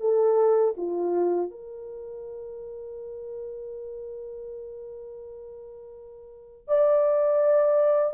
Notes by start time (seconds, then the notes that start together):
0.00 A4
0.77 F4
1.51 A#4
6.68 D5